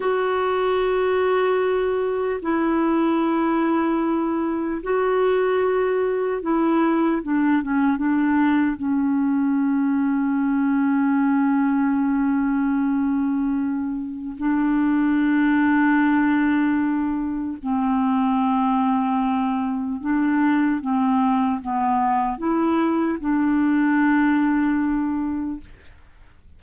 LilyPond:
\new Staff \with { instrumentName = "clarinet" } { \time 4/4 \tempo 4 = 75 fis'2. e'4~ | e'2 fis'2 | e'4 d'8 cis'8 d'4 cis'4~ | cis'1~ |
cis'2 d'2~ | d'2 c'2~ | c'4 d'4 c'4 b4 | e'4 d'2. | }